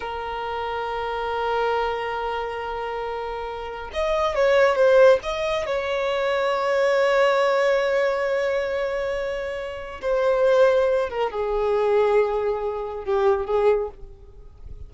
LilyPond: \new Staff \with { instrumentName = "violin" } { \time 4/4 \tempo 4 = 138 ais'1~ | ais'1~ | ais'4 dis''4 cis''4 c''4 | dis''4 cis''2.~ |
cis''1~ | cis''2. c''4~ | c''4. ais'8 gis'2~ | gis'2 g'4 gis'4 | }